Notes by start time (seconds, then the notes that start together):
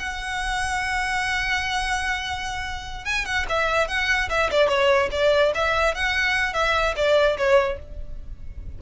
0.00 F#5
3.06 G#5
3.26 F#5
3.50 E5
3.88 F#5
4.30 E5
4.51 D5
4.69 C#5
5.12 D5
5.55 E5
5.95 F#5
6.54 E5
6.97 D5
7.38 C#5